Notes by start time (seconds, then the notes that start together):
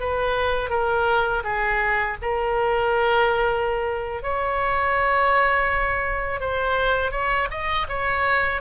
0.00 B4
0.70 A#4
1.44 G#4
2.22 A#4
4.23 C#5
6.41 C5
7.12 C#5
7.51 D#5
7.89 C#5